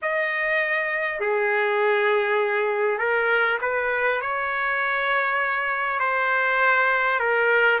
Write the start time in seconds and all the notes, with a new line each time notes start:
0.02 D#5
1.20 G#4
2.98 A#4
3.61 B4
4.21 C#5
5.99 C5
7.19 A#4